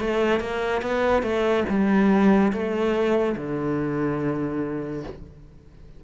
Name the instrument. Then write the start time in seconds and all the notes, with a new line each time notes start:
cello
0.00 A3
0.40 A#3
0.82 B3
1.22 A3
1.69 G3
2.52 A3
3.37 D3